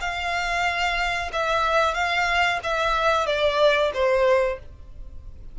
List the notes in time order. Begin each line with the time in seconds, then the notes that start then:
0.00 F5
1.32 E5
1.94 F5
2.63 E5
3.26 D5
3.93 C5